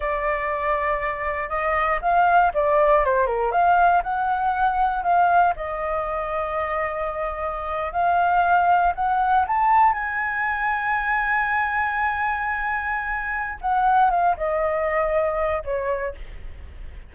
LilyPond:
\new Staff \with { instrumentName = "flute" } { \time 4/4 \tempo 4 = 119 d''2. dis''4 | f''4 d''4 c''8 ais'8 f''4 | fis''2 f''4 dis''4~ | dis''2.~ dis''8. f''16~ |
f''4.~ f''16 fis''4 a''4 gis''16~ | gis''1~ | gis''2. fis''4 | f''8 dis''2~ dis''8 cis''4 | }